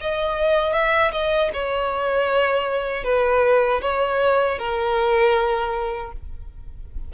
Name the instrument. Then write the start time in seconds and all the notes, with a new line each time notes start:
violin
0.00 D#5
0.73 E5
1.12 D#5
1.53 C#5
3.03 B4
3.81 C#5
4.58 A#4